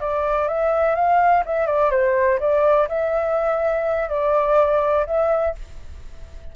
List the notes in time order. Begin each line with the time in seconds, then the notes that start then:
0.00 D5
0.48 E5
0.95 F5
1.46 E5
1.66 D5
1.91 C5
2.40 D5
2.89 E5
4.09 D5
5.06 E5